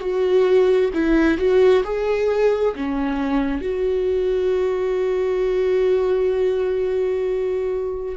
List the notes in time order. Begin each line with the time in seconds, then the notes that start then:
0.00 F#4
0.93 E4
1.38 F#4
1.84 G#4
2.76 C#4
3.62 F#4